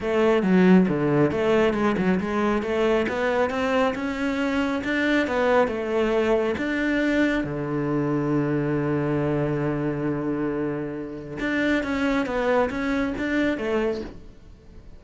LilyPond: \new Staff \with { instrumentName = "cello" } { \time 4/4 \tempo 4 = 137 a4 fis4 d4 a4 | gis8 fis8 gis4 a4 b4 | c'4 cis'2 d'4 | b4 a2 d'4~ |
d'4 d2.~ | d1~ | d2 d'4 cis'4 | b4 cis'4 d'4 a4 | }